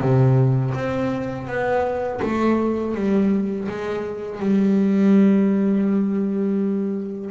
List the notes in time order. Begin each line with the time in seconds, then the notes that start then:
0.00 C3
0.74 C4
1.47 B3
2.22 A3
2.94 G3
3.68 G#3
4.39 G3